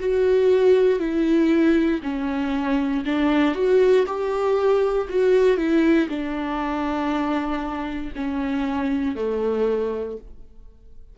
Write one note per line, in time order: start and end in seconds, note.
0.00 0.99 F#4
0.99 2.01 E4
2.03 3.05 C#4
3.06 3.55 D4
3.55 4.06 F#4
4.07 5.08 G4
5.09 5.57 F#4
5.57 6.08 E4
6.09 8.13 D4
8.16 9.16 C#4
9.16 10.17 A3